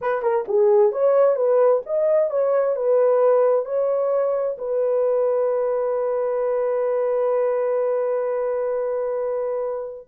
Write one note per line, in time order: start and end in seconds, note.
0.01 0.22 B4
0.22 0.45 A#4
0.48 0.92 G#4
0.92 1.36 C#5
1.36 1.82 B4
1.85 2.30 D#5
2.30 2.76 C#5
2.76 3.65 B4
3.65 4.57 C#5
4.58 10.07 B4